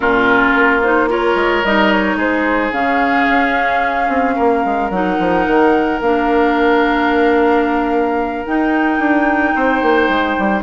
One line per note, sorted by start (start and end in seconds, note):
0.00 0.54 A#2
0.00 0.82 C#4
0.00 1.08 F4
0.00 0.81 A#4
0.54 1.35 A#3
0.82 1.08 D#4
0.82 1.09 C5
1.08 1.63 F4
1.08 2.17 A#4
1.08 1.65 C#5
1.35 1.62 G#3
1.63 2.16 G3
1.63 2.72 D#4
1.63 1.91 D#5
1.91 2.18 C#5
2.16 2.70 G#3
2.16 4.35 G#4
2.16 2.72 C5
2.72 3.26 C#3
2.72 4.90 C#4
2.72 4.90 F5
3.28 4.08 C#4
4.08 4.35 C4
4.35 4.64 A#3
4.35 9.53 A#4
4.64 4.90 G#3
4.90 5.17 F#3
4.90 6.01 D#4
4.90 5.99 F#5
5.19 5.46 F3
5.46 6.00 D#3
6.00 8.46 A#3
6.00 8.45 D4
6.00 8.45 F5
8.45 10.62 D#4
8.45 8.99 D#4
8.45 10.62 G5
8.99 9.53 D4
9.55 9.81 C4
9.55 10.62 C5
9.81 10.08 A#3
10.08 10.35 G#3
10.38 10.62 G3